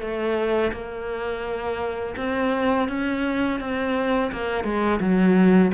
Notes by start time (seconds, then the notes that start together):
0.00 A3
0.72 A#3
2.17 C4
2.88 C#4
3.60 C4
4.32 A#3
4.64 G#3
5.00 F#3